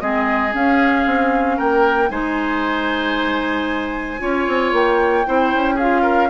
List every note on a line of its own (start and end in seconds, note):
0.00 0.54 G#3
0.00 0.52 C4
0.00 1.57 G#4
0.00 0.53 D#5
0.52 2.09 C#4
0.52 1.06 C#4
0.52 1.59 F5
1.06 1.59 C4
1.57 2.10 A#3
1.57 2.09 A#4
1.57 2.10 G5
2.09 4.20 G#3
2.09 4.19 D#4
2.09 4.21 C5
2.09 4.73 G#5
4.19 4.47 C#4
4.19 5.24 F4
4.19 5.27 C#5
4.47 4.72 C4
4.72 5.25 A#3
4.72 5.79 G5
5.26 5.54 C4
5.26 5.78 E4
5.26 5.75 C5
5.54 6.30 C#4
5.75 6.30 F4
5.75 6.01 G#4
5.75 6.30 F5
6.02 6.28 A#4